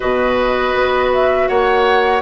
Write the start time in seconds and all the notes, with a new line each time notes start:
0.00 B2 F#4 B4 D#5
0.74 B3
1.13 E5
1.48 A#3 C#5 F#5